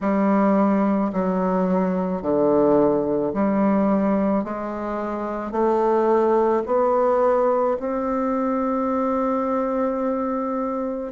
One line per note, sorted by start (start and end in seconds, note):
0.00 1.11 G3
1.13 2.22 F#3
2.22 3.33 D3
3.33 4.43 G3
4.43 5.51 G#3
5.51 6.62 A3
6.66 7.77 B3
7.79 11.12 C4